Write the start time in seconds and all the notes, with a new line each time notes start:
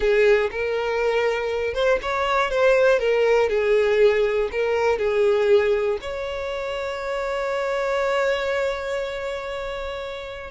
0.00 G#4
0.51 A#4
1.73 C5
2.02 C#5
2.50 C5
2.99 A#4
3.49 G#4
4.51 A#4
4.98 G#4
6.01 C#5